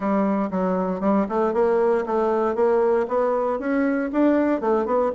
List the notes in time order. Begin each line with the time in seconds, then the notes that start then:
0.00 G3
0.50 F#3
1.00 G3
1.28 A3
1.53 A#3
2.06 A3
2.55 A#3
3.08 B3
3.59 C#4
4.12 D4
4.61 A3
4.85 B3